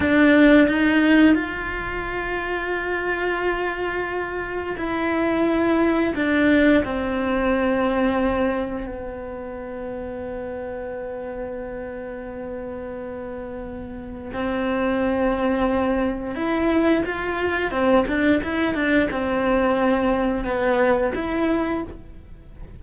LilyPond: \new Staff \with { instrumentName = "cello" } { \time 4/4 \tempo 4 = 88 d'4 dis'4 f'2~ | f'2. e'4~ | e'4 d'4 c'2~ | c'4 b2.~ |
b1~ | b4 c'2. | e'4 f'4 c'8 d'8 e'8 d'8 | c'2 b4 e'4 | }